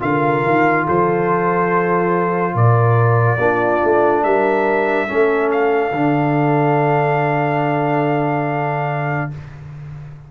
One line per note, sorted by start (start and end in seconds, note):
0.00 0.45 D3
0.00 3.38 F4
0.00 0.85 A#4
0.00 0.87 F5
0.45 0.87 D#3
0.85 2.55 F3
0.85 2.54 A4
0.85 2.57 C5
2.55 3.38 A#2
2.55 3.39 A#4
2.55 4.24 D5
3.38 3.80 A#3
3.38 5.08 D4
3.38 4.25 F4
3.84 4.24 A3
4.24 5.09 G3
4.24 5.08 A#4
4.24 5.51 E5
5.08 5.92 A3
5.08 5.92 C#4
5.08 9.31 A4
5.51 9.32 F5
5.92 9.30 D3
5.92 9.32 D4